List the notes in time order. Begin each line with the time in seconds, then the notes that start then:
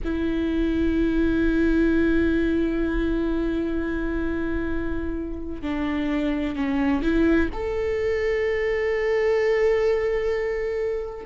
0.04 E4
5.62 D4
6.55 C#4
7.02 E4
7.53 A4